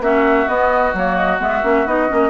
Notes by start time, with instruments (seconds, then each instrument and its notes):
0.00 bassoon A#3, clarinet C#4, oboe F#4, flute E5
0.47 clarinet B3, bassoon B3, flute D#5
0.93 bassoon F#3, clarinet A#3, flute C#5
1.16 flute D#5
1.39 bassoon G#3, clarinet B3, flute E5
1.62 bassoon A#3, clarinet C#4
1.86 bassoon B3, clarinet D#4, flute D#5
2.08 bassoon A#3, clarinet C#4